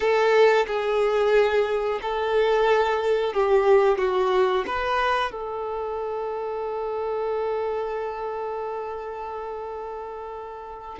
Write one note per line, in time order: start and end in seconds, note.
0.00 0.65 A4
0.66 2.00 G#4
2.02 3.33 A4
3.33 3.98 G4
3.98 4.64 F#4
4.67 5.31 B4
5.31 10.98 A4